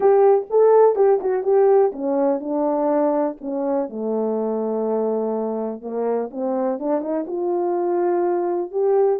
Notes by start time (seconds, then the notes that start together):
0.00 G4
0.49 A4
0.95 G4
1.20 F#4
1.43 G4
1.92 C#4
2.40 D4
3.40 C#4
3.89 A3
5.81 A#3
6.30 C4
6.79 D4
7.01 D#4
7.27 F4
8.71 G4